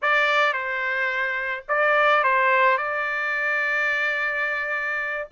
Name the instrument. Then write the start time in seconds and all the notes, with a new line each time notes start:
trumpet
0.02 D5
0.53 C5
1.68 D5
2.23 C5
2.77 D5